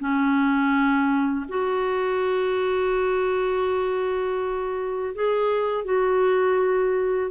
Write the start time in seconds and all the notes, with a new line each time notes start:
0.00 C#4
1.49 F#4
5.16 G#4
5.85 F#4